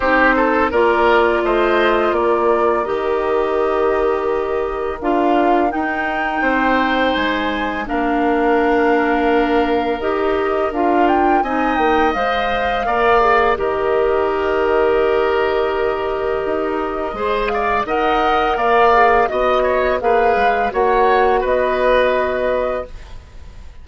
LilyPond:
<<
  \new Staff \with { instrumentName = "flute" } { \time 4/4 \tempo 4 = 84 c''4 d''4 dis''4 d''4 | dis''2. f''4 | g''2 gis''4 f''4~ | f''2 dis''4 f''8 g''8 |
gis''8 g''8 f''2 dis''4~ | dis''1~ | dis''8 f''8 fis''4 f''4 dis''4 | f''4 fis''4 dis''2 | }
  \new Staff \with { instrumentName = "oboe" } { \time 4/4 g'8 a'8 ais'4 c''4 ais'4~ | ais'1~ | ais'4 c''2 ais'4~ | ais'1 |
dis''2 d''4 ais'4~ | ais'1 | c''8 d''8 dis''4 d''4 dis''8 cis''8 | b'4 cis''4 b'2 | }
  \new Staff \with { instrumentName = "clarinet" } { \time 4/4 dis'4 f'2. | g'2. f'4 | dis'2. d'4~ | d'2 g'4 f'4 |
dis'4 c''4 ais'8 gis'8 g'4~ | g'1 | gis'4 ais'4. gis'8 fis'4 | gis'4 fis'2. | }
  \new Staff \with { instrumentName = "bassoon" } { \time 4/4 c'4 ais4 a4 ais4 | dis2. d'4 | dis'4 c'4 gis4 ais4~ | ais2 dis'4 d'4 |
c'8 ais8 gis4 ais4 dis4~ | dis2. dis'4 | gis4 dis'4 ais4 b4 | ais8 gis8 ais4 b2 | }
>>